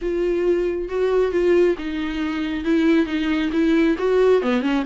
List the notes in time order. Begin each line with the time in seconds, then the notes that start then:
0.01 F4
0.88 F#4
1.31 F4
1.78 D#4
2.64 E4
3.06 D#4
3.52 E4
3.98 F#4
4.42 B3
4.61 C#4